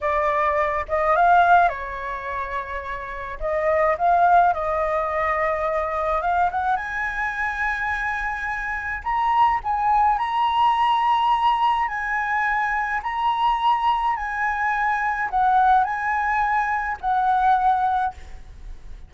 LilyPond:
\new Staff \with { instrumentName = "flute" } { \time 4/4 \tempo 4 = 106 d''4. dis''8 f''4 cis''4~ | cis''2 dis''4 f''4 | dis''2. f''8 fis''8 | gis''1 |
ais''4 gis''4 ais''2~ | ais''4 gis''2 ais''4~ | ais''4 gis''2 fis''4 | gis''2 fis''2 | }